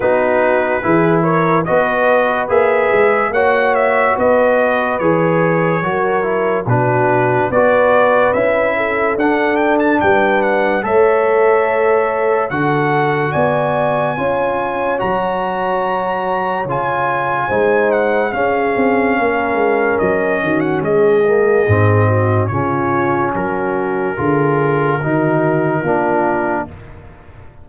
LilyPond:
<<
  \new Staff \with { instrumentName = "trumpet" } { \time 4/4 \tempo 4 = 72 b'4. cis''8 dis''4 e''4 | fis''8 e''8 dis''4 cis''2 | b'4 d''4 e''4 fis''8 g''16 a''16 | g''8 fis''8 e''2 fis''4 |
gis''2 ais''2 | gis''4. fis''8 f''2 | dis''8. fis''16 dis''2 cis''4 | ais'1 | }
  \new Staff \with { instrumentName = "horn" } { \time 4/4 fis'4 gis'8 ais'8 b'2 | cis''4 b'2 ais'4 | fis'4 b'4. a'4. | b'4 cis''2 a'4 |
d''4 cis''2.~ | cis''4 c''4 gis'4 ais'4~ | ais'8 fis'8 gis'4. fis'8 f'4 | fis'4 gis'4 fis'4 f'4 | }
  \new Staff \with { instrumentName = "trombone" } { \time 4/4 dis'4 e'4 fis'4 gis'4 | fis'2 gis'4 fis'8 e'8 | d'4 fis'4 e'4 d'4~ | d'4 a'2 fis'4~ |
fis'4 f'4 fis'2 | f'4 dis'4 cis'2~ | cis'4. ais8 c'4 cis'4~ | cis'4 f'4 dis'4 d'4 | }
  \new Staff \with { instrumentName = "tuba" } { \time 4/4 b4 e4 b4 ais8 gis8 | ais4 b4 e4 fis4 | b,4 b4 cis'4 d'4 | g4 a2 d4 |
b4 cis'4 fis2 | cis4 gis4 cis'8 c'8 ais8 gis8 | fis8 dis8 gis4 gis,4 cis4 | fis4 d4 dis4 ais4 | }
>>